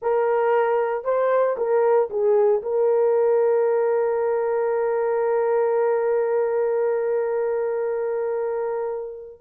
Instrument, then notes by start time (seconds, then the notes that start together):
horn
0.02 A#4
1.04 C5
1.57 A#4
2.10 G#4
2.62 A#4